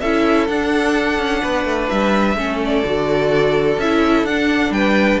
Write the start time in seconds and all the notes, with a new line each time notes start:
0.00 C#4 E4 A4 E5
0.47 D4 F#5
1.18 C#4
1.41 B3 B4
1.64 A3
1.88 G3 E5
2.36 A3 C#4 A4
2.64 D5
2.84 D3 F#4
3.77 C#4 E4 E5
4.23 D4 F#5
4.70 G3 B4 G5